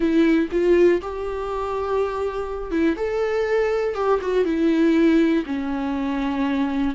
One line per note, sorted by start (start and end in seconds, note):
0.00 0.48 E4
0.51 1.01 F4
1.01 2.71 G4
2.71 2.96 E4
2.96 3.94 A4
3.94 4.19 G4
4.21 4.44 F#4
4.44 5.43 E4
5.46 6.94 C#4